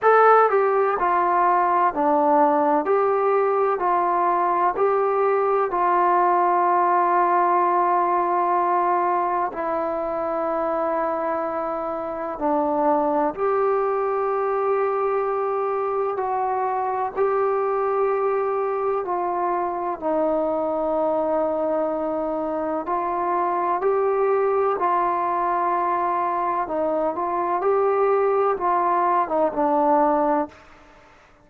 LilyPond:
\new Staff \with { instrumentName = "trombone" } { \time 4/4 \tempo 4 = 63 a'8 g'8 f'4 d'4 g'4 | f'4 g'4 f'2~ | f'2 e'2~ | e'4 d'4 g'2~ |
g'4 fis'4 g'2 | f'4 dis'2. | f'4 g'4 f'2 | dis'8 f'8 g'4 f'8. dis'16 d'4 | }